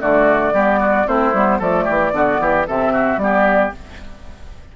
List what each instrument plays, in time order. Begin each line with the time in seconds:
0.00 bassoon D3, clarinet A3, oboe F#4, flute D5
0.53 bassoon G3, clarinet B3, oboe G4
0.80 oboe F#4
1.06 bassoon A3, clarinet C4, oboe E4, flute C5
1.33 bassoon G3, clarinet B3
1.59 bassoon F3, clarinet A3, oboe A4, flute D5
1.84 bassoon E3, oboe G4
2.12 bassoon D3, clarinet B3, oboe F#4
2.40 bassoon E3, oboe G4
2.66 bassoon C3, clarinet C4, oboe A4, flute E5
2.93 oboe F#4
3.17 bassoon G3, clarinet B3, flute D5
3.23 oboe G4